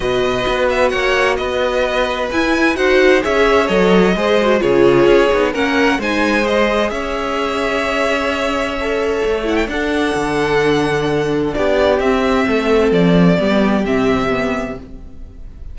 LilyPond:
<<
  \new Staff \with { instrumentName = "violin" } { \time 4/4 \tempo 4 = 130 dis''4. e''8 fis''4 dis''4~ | dis''4 gis''4 fis''4 e''4 | dis''2 cis''2 | fis''4 gis''4 dis''4 e''4~ |
e''1~ | e''8 fis''16 g''16 fis''2.~ | fis''4 d''4 e''2 | d''2 e''2 | }
  \new Staff \with { instrumentName = "violin" } { \time 4/4 b'2 cis''4 b'4~ | b'2 c''4 cis''4~ | cis''4 c''4 gis'2 | ais'4 c''2 cis''4~ |
cis''1~ | cis''4 a'2.~ | a'4 g'2 a'4~ | a'4 g'2. | }
  \new Staff \with { instrumentName = "viola" } { \time 4/4 fis'1~ | fis'4 e'4 fis'4 gis'4 | a'4 gis'8 fis'8 f'4. dis'8 | cis'4 dis'4 gis'2~ |
gis'2. a'4~ | a'8 e'8 d'2.~ | d'2 c'2~ | c'4 b4 c'4 b4 | }
  \new Staff \with { instrumentName = "cello" } { \time 4/4 b,4 b4 ais4 b4~ | b4 e'4 dis'4 cis'4 | fis4 gis4 cis4 cis'8 b8 | ais4 gis2 cis'4~ |
cis'1 | a4 d'4 d2~ | d4 b4 c'4 a4 | f4 g4 c2 | }
>>